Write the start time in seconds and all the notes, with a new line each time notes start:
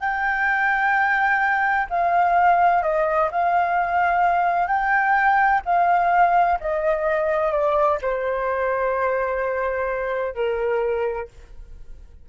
0.00 G5
1.90 F5
2.83 D#5
3.32 F5
4.67 G5
5.65 F5
6.60 D#5
7.52 D5
8.02 C5
10.35 A#4